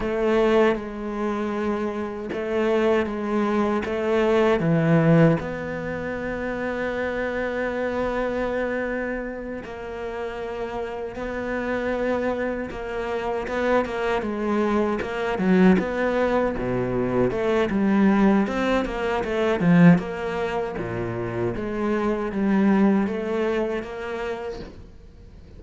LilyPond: \new Staff \with { instrumentName = "cello" } { \time 4/4 \tempo 4 = 78 a4 gis2 a4 | gis4 a4 e4 b4~ | b1~ | b8 ais2 b4.~ |
b8 ais4 b8 ais8 gis4 ais8 | fis8 b4 b,4 a8 g4 | c'8 ais8 a8 f8 ais4 ais,4 | gis4 g4 a4 ais4 | }